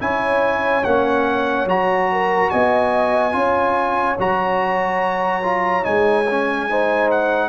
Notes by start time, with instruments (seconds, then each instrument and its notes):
0.00 tuba C#4, trombone E4, horn C#5, trumpet G#5
0.84 tuba A#3, trombone C#4, trumpet F#5
1.66 tuba F#3, trombone F#4, trumpet A#5
2.12 horn A#4
2.50 tuba B3, horn D#5, trumpet G#5
3.32 tuba C#4, trombone F4, horn C#5
4.19 tuba F#3, trombone F#4, trumpet A#5
5.43 trombone F4
5.83 tuba G#3, trombone D#4, trumpet G#5
6.30 trombone C#4
6.70 trombone D#4, horn C5
7.11 trumpet F#5